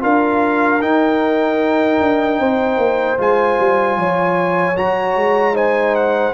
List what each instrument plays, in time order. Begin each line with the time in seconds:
0.00 tuba D4, trombone F4, horn A#4, trumpet F5
0.81 tuba D#4, trombone D#4, trumpet G5
2.00 tuba D4
2.39 tuba C4, horn C5
2.77 tuba A#3
3.17 tuba G#3, trombone F4, trumpet G#5
3.59 tuba G3
3.96 tuba F3, horn C#5
4.76 tuba F#3, trombone F#4, trumpet A#5
5.15 tuba G#3
5.54 trombone D#4, horn C5, trumpet G#5
5.95 trumpet F#5